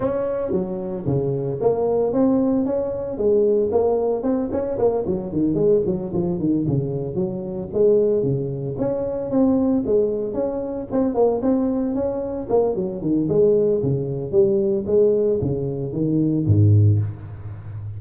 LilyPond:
\new Staff \with { instrumentName = "tuba" } { \time 4/4 \tempo 4 = 113 cis'4 fis4 cis4 ais4 | c'4 cis'4 gis4 ais4 | c'8 cis'8 ais8 fis8 dis8 gis8 fis8 f8 | dis8 cis4 fis4 gis4 cis8~ |
cis8 cis'4 c'4 gis4 cis'8~ | cis'8 c'8 ais8 c'4 cis'4 ais8 | fis8 dis8 gis4 cis4 g4 | gis4 cis4 dis4 gis,4 | }